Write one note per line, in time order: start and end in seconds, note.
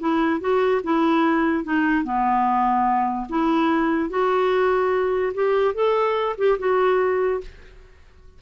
0.00 0.41 E4
0.41 0.82 F#4
0.84 1.64 E4
1.64 2.05 D#4
2.05 3.28 B3
3.30 4.10 E4
4.10 5.33 F#4
5.34 5.75 G4
5.75 6.36 A4
6.38 6.58 G4
6.59 7.41 F#4